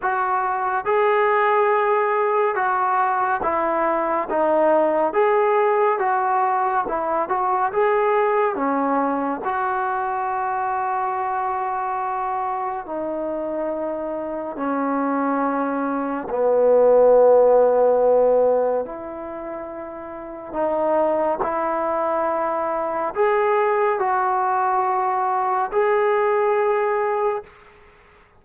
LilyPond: \new Staff \with { instrumentName = "trombone" } { \time 4/4 \tempo 4 = 70 fis'4 gis'2 fis'4 | e'4 dis'4 gis'4 fis'4 | e'8 fis'8 gis'4 cis'4 fis'4~ | fis'2. dis'4~ |
dis'4 cis'2 b4~ | b2 e'2 | dis'4 e'2 gis'4 | fis'2 gis'2 | }